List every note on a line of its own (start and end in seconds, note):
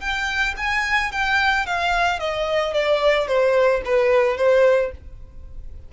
0.00 0.55 G5
0.57 1.11 G#5
1.11 1.66 G5
1.66 2.19 F5
2.19 2.73 D#5
2.73 3.27 D5
3.27 3.82 C5
3.85 4.37 B4
4.37 4.91 C5